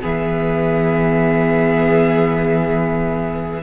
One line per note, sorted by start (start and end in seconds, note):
0.00 3.62 E3
0.00 3.60 B3
0.00 3.62 G#4
0.00 3.62 E5